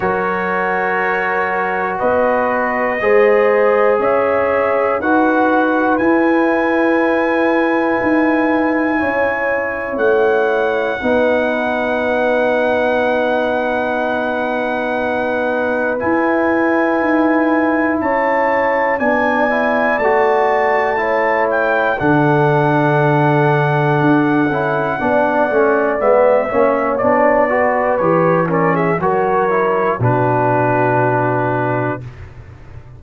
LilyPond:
<<
  \new Staff \with { instrumentName = "trumpet" } { \time 4/4 \tempo 4 = 60 cis''2 dis''2 | e''4 fis''4 gis''2~ | gis''2 fis''2~ | fis''1 |
gis''2 a''4 gis''4 | a''4. g''8 fis''2~ | fis''2 e''4 d''4 | cis''8 d''16 e''16 cis''4 b'2 | }
  \new Staff \with { instrumentName = "horn" } { \time 4/4 ais'2 b'4 c''4 | cis''4 b'2.~ | b'4 cis''2 b'4~ | b'1~ |
b'2 cis''4 d''4~ | d''4 cis''4 a'2~ | a'4 d''4. cis''4 b'8~ | b'8 ais'16 gis'16 ais'4 fis'2 | }
  \new Staff \with { instrumentName = "trombone" } { \time 4/4 fis'2. gis'4~ | gis'4 fis'4 e'2~ | e'2. dis'4~ | dis'1 |
e'2. d'8 e'8 | fis'4 e'4 d'2~ | d'8 e'8 d'8 cis'8 b8 cis'8 d'8 fis'8 | g'8 cis'8 fis'8 e'8 d'2 | }
  \new Staff \with { instrumentName = "tuba" } { \time 4/4 fis2 b4 gis4 | cis'4 dis'4 e'2 | dis'4 cis'4 a4 b4~ | b1 |
e'4 dis'4 cis'4 b4 | a2 d2 | d'8 cis'8 b8 a8 gis8 ais8 b4 | e4 fis4 b,2 | }
>>